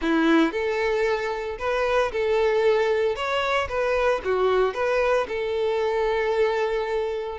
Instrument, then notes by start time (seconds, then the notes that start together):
violin
0.01 E4
0.51 A4
1.59 B4
2.11 A4
3.15 C#5
3.68 B4
4.24 F#4
4.74 B4
5.28 A4